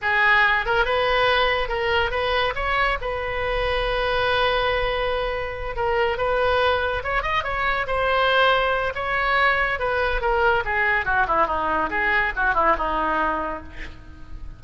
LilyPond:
\new Staff \with { instrumentName = "oboe" } { \time 4/4 \tempo 4 = 141 gis'4. ais'8 b'2 | ais'4 b'4 cis''4 b'4~ | b'1~ | b'4. ais'4 b'4.~ |
b'8 cis''8 dis''8 cis''4 c''4.~ | c''4 cis''2 b'4 | ais'4 gis'4 fis'8 e'8 dis'4 | gis'4 fis'8 e'8 dis'2 | }